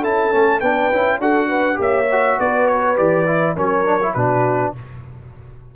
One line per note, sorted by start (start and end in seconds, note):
0.00 0.33 C#4
0.00 0.31 E4
0.00 0.59 A4
0.00 0.60 A5
0.31 0.61 A3
0.31 0.61 C#4
0.60 0.91 B3
0.60 0.92 D4
0.60 1.19 B4
0.60 1.19 G5
0.92 1.19 C#4
0.92 1.21 E4
1.19 1.77 D4
1.19 1.75 F#4
1.19 1.48 A4
1.19 1.80 F#5
1.48 1.78 B4
1.75 2.38 A#3
1.75 2.04 G4
1.75 2.39 C#5
1.81 2.40 E5
2.11 2.96 F#4
2.39 2.98 B3
2.39 3.55 B4
2.39 2.67 D5
2.67 2.96 C#5
2.96 3.57 E3
2.96 3.25 G4
2.96 3.56 D5
3.26 3.56 E4
3.55 4.15 F#3
3.55 3.85 C#4
3.55 4.14 A#4
3.55 4.14 C#5
3.85 4.00 D4
4.02 4.16 E4
4.14 4.74 B2
4.14 4.75 D4
4.14 4.74 F#4
4.14 4.73 B4